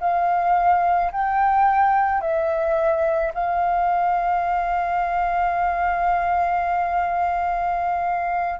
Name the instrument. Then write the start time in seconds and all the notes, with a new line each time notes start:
flute
0.00 F5
1.12 G5
2.21 E5
3.34 F5